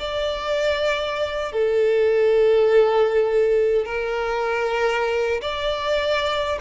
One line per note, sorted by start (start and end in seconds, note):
0.00 1.53 D5
1.53 3.86 A4
3.86 5.42 A#4
5.42 6.59 D5